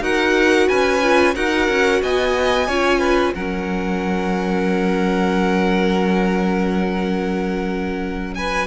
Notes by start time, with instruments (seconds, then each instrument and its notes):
0.00 cello D#4, viola F#4, violin A#4 F#5
0.67 cello C#4, violin B4 G#5
1.03 viola F4
1.35 cello D#4, viola F#4, violin A#4 F#5
1.68 cello C#4
2.02 cello B3, violin D#5 G#5
2.68 cello C#4, viola F4, violin C#5
2.99 violin B4
3.34 cello F#3, viola C#4, violin A#4 F#5
8.35 violin B4 G#5